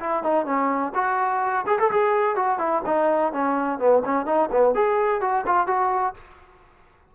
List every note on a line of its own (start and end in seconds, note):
0.00 0.24 E4
0.24 0.46 D#4
0.46 0.93 C#4
0.95 1.66 F#4
1.67 1.79 G#4
1.79 1.91 A4
1.91 2.36 G#4
2.36 2.59 F#4
2.59 2.83 E4
2.86 3.33 D#4
3.33 3.79 C#4
3.79 4.03 B3
4.05 4.26 C#4
4.26 4.50 D#4
4.52 4.75 B3
4.75 5.21 G#4
5.21 5.45 F#4
5.46 5.67 F4
5.67 6.15 F#4